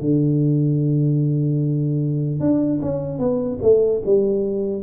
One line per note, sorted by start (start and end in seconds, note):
0.00 2.40 D3
2.40 2.80 D4
2.81 3.19 C#4
3.19 3.59 B3
3.62 4.02 A3
4.05 4.82 G3